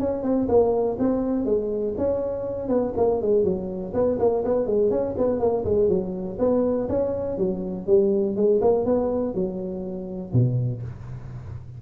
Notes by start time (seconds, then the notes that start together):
0.00 C#4
0.23 C4
0.49 A#3
0.99 C4
1.46 G#3
1.98 C#4
2.69 B3
2.97 A#3
3.22 G#3
3.44 F#3
3.94 B3
4.20 A#3
4.45 B3
4.67 G#3
4.91 C#4
5.18 B3
5.40 A#3
5.65 G#3
5.89 F#3
6.39 B3
6.89 C#4
7.38 F#3
7.88 G3
8.36 G#3
8.62 A#3
8.86 B3
9.35 F#3
10.33 B2